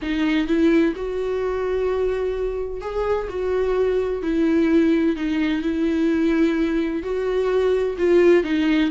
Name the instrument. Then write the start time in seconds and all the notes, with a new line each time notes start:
viola
0.02 D#4
0.47 E4
0.96 F#4
2.81 G#4
3.29 F#4
4.22 E4
5.15 D#4
5.62 E4
7.02 F#4
7.98 F4
8.43 D#4